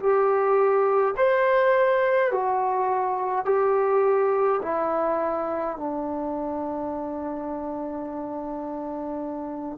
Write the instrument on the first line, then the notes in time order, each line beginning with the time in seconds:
trombone
0.00 G4
1.17 C5
2.32 F#4
3.46 G4
4.62 E4
5.77 D4